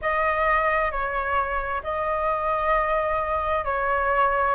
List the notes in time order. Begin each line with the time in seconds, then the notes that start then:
0.01 D#5
0.91 C#5
1.83 D#5
3.64 C#5